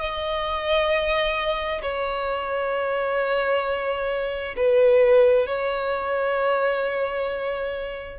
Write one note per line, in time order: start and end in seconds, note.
0.00 1.82 D#5
1.82 4.55 C#5
4.57 5.46 B4
5.46 8.19 C#5